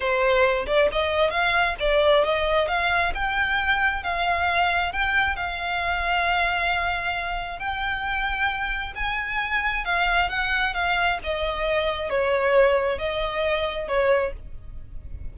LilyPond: \new Staff \with { instrumentName = "violin" } { \time 4/4 \tempo 4 = 134 c''4. d''8 dis''4 f''4 | d''4 dis''4 f''4 g''4~ | g''4 f''2 g''4 | f''1~ |
f''4 g''2. | gis''2 f''4 fis''4 | f''4 dis''2 cis''4~ | cis''4 dis''2 cis''4 | }